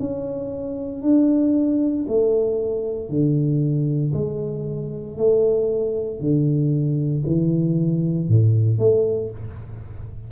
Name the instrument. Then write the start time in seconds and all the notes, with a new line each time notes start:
tuba
0.00 C#4
1.03 D4
2.08 A3
3.10 D3
4.14 G#3
5.17 A3
6.20 D3
7.26 E3
8.29 A2
8.79 A3